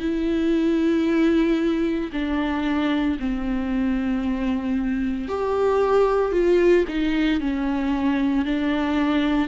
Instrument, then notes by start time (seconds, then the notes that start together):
viola
0.00 E4
2.13 D4
3.20 C4
5.29 G4
6.33 F4
6.89 D#4
7.41 C#4
8.45 D4